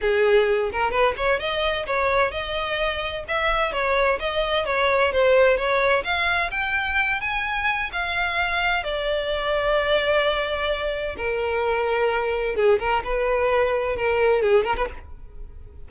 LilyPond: \new Staff \with { instrumentName = "violin" } { \time 4/4 \tempo 4 = 129 gis'4. ais'8 b'8 cis''8 dis''4 | cis''4 dis''2 e''4 | cis''4 dis''4 cis''4 c''4 | cis''4 f''4 g''4. gis''8~ |
gis''4 f''2 d''4~ | d''1 | ais'2. gis'8 ais'8 | b'2 ais'4 gis'8 ais'16 b'16 | }